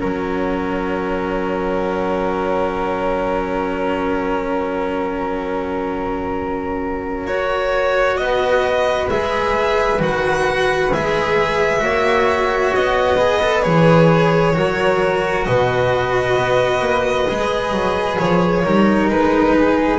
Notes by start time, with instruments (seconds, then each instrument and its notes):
0.00 double bass F#3, cello C#4, flute A#4, violin F#5
7.27 cello F#4, violin C#5
8.17 double bass B3, flute B4, violin D#5
9.10 double bass G#3, cello G#4, violin E5
9.99 double bass D#3, cello F#4, violin F#5
10.93 double bass G#3, cello G#4, violin E5
11.79 double bass A#3, cello F#4, flute C#5
12.75 double bass B3, violin D#5
13.16 cello G#4, flute B4
13.42 cello A4
13.62 double bass E3, cello G#4, violin C#5
14.54 double bass F#3, cello F#4, flute A#4
15.45 double bass B2, flute B4, violin D#5
16.37 double bass B3
16.80 double bass A#3
17.28 double bass G#3, cello G#4
17.72 double bass F#3
18.18 double bass F3, violin C#5
18.64 double bass G3, cello D#4, flute A#4
19.10 double bass G#3, violin B4
19.55 flute G#4